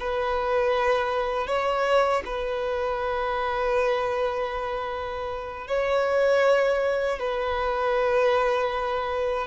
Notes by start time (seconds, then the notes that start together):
0.00 B4
1.47 C#5
2.26 B4
5.68 C#5
7.19 B4